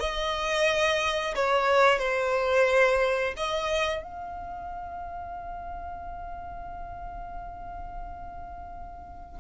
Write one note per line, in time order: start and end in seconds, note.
0.00 1.35 D#5
1.35 1.99 C#5
1.99 3.34 C5
3.36 4.03 D#5
4.03 9.40 F5